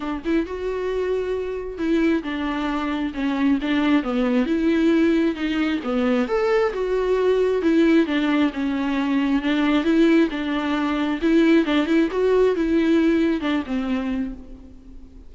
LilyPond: \new Staff \with { instrumentName = "viola" } { \time 4/4 \tempo 4 = 134 d'8 e'8 fis'2. | e'4 d'2 cis'4 | d'4 b4 e'2 | dis'4 b4 a'4 fis'4~ |
fis'4 e'4 d'4 cis'4~ | cis'4 d'4 e'4 d'4~ | d'4 e'4 d'8 e'8 fis'4 | e'2 d'8 c'4. | }